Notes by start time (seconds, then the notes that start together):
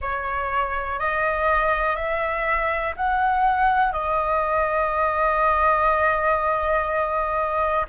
0.01 C#5
0.99 D#5
1.96 E5
2.96 F#5
3.92 D#5